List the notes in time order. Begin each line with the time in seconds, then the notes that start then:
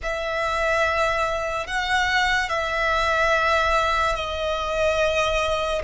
0.02 E5
1.66 F#5
2.49 E5
4.15 D#5